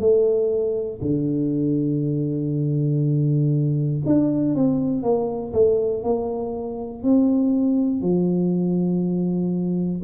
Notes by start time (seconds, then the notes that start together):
0.00 A3
1.02 D3
4.06 D4
4.55 C4
5.03 A#3
5.53 A3
6.04 A#3
7.03 C4
8.01 F3